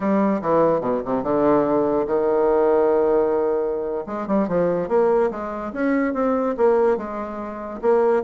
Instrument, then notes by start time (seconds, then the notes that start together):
bassoon
0.00 G3
0.41 E3
0.80 B2
1.05 C3
1.23 D3
2.06 D#3
4.06 G#3
4.27 G3
4.48 F3
4.88 A#3
5.30 G#3
5.73 C#4
6.13 C4
6.57 A#3
6.97 G#3
7.81 A#3